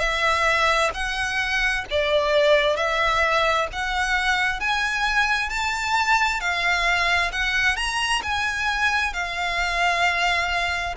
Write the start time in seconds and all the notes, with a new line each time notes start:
0.00 E5
0.94 F#5
1.90 D5
2.76 E5
3.73 F#5
4.60 G#5
5.50 A5
6.40 F5
7.32 F#5
7.76 A#5
8.23 G#5
9.14 F5